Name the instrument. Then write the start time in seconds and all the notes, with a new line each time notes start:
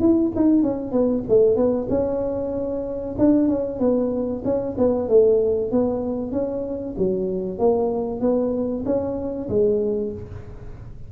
tuba
0.00 E4
0.35 D#4
0.63 C#4
0.92 B3
1.28 A3
1.56 B3
1.89 C#4
3.18 D4
3.48 C#4
3.79 B3
4.44 C#4
4.77 B3
5.08 A3
5.71 B3
6.32 C#4
6.98 F#3
7.58 A#3
8.20 B3
8.85 C#4
9.49 G#3